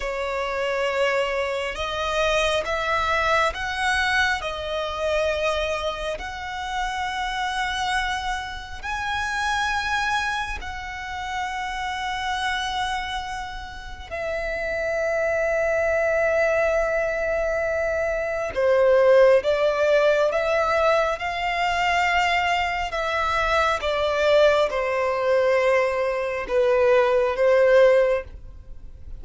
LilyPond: \new Staff \with { instrumentName = "violin" } { \time 4/4 \tempo 4 = 68 cis''2 dis''4 e''4 | fis''4 dis''2 fis''4~ | fis''2 gis''2 | fis''1 |
e''1~ | e''4 c''4 d''4 e''4 | f''2 e''4 d''4 | c''2 b'4 c''4 | }